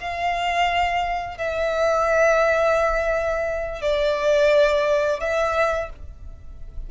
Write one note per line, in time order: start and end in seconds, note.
0.00 1.38 F5
1.38 3.82 E5
3.82 5.20 D5
5.20 5.90 E5